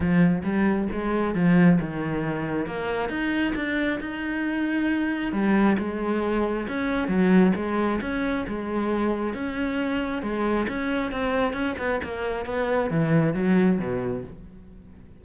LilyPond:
\new Staff \with { instrumentName = "cello" } { \time 4/4 \tempo 4 = 135 f4 g4 gis4 f4 | dis2 ais4 dis'4 | d'4 dis'2. | g4 gis2 cis'4 |
fis4 gis4 cis'4 gis4~ | gis4 cis'2 gis4 | cis'4 c'4 cis'8 b8 ais4 | b4 e4 fis4 b,4 | }